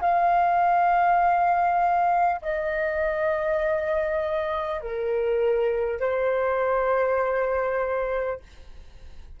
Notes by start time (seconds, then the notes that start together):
0.00 F5
2.41 D#5
4.81 A#4
5.99 C5